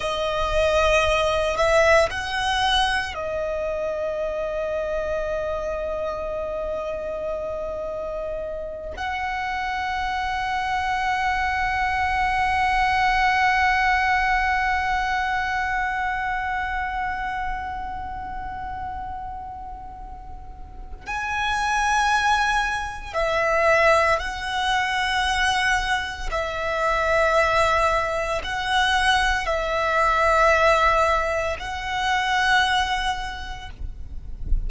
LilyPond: \new Staff \with { instrumentName = "violin" } { \time 4/4 \tempo 4 = 57 dis''4. e''8 fis''4 dis''4~ | dis''1~ | dis''8 fis''2.~ fis''8~ | fis''1~ |
fis''1 | gis''2 e''4 fis''4~ | fis''4 e''2 fis''4 | e''2 fis''2 | }